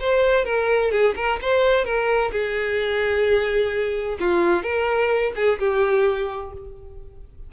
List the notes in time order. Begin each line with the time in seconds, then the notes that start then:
0.00 C5
0.45 A#4
0.92 G#4
1.16 A#4
1.42 C5
1.85 A#4
2.32 G#4
4.20 F4
4.63 A#4
5.36 G#4
5.59 G4